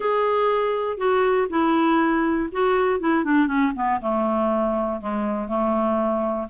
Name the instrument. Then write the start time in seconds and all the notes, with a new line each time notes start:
clarinet
0.00 G#4
0.97 F#4
1.49 E4
2.52 F#4
3.00 E4
3.24 D4
3.47 C#4
3.75 B3
4.01 A3
5.00 G#3
5.47 A3